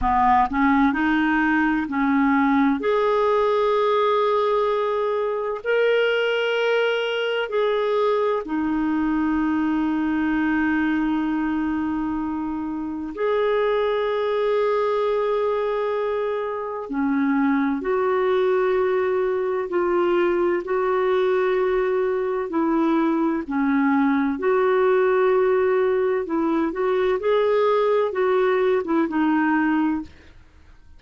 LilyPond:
\new Staff \with { instrumentName = "clarinet" } { \time 4/4 \tempo 4 = 64 b8 cis'8 dis'4 cis'4 gis'4~ | gis'2 ais'2 | gis'4 dis'2.~ | dis'2 gis'2~ |
gis'2 cis'4 fis'4~ | fis'4 f'4 fis'2 | e'4 cis'4 fis'2 | e'8 fis'8 gis'4 fis'8. e'16 dis'4 | }